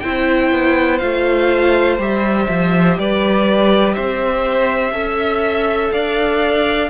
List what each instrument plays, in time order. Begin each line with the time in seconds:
0.00 cello C4, viola E4, violin C5 G5
0.51 cello B3
0.98 cello A3, viola F4, violin F5
1.98 cello G3, viola G4, violin E5
2.49 cello F3
2.98 cello G3, violin B4 D5
3.94 cello C4, violin C5 E5
4.92 cello C#4, viola A4, violin E5
5.92 cello D4, violin D5 F5